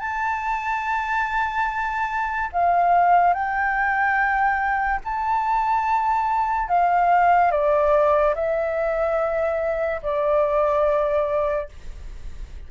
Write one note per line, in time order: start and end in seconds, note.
0.00 2.50 A5
2.53 3.34 F5
3.34 5.00 G5
5.05 6.69 A5
6.69 7.52 F5
7.52 8.35 D5
8.35 10.02 E5
10.03 11.69 D5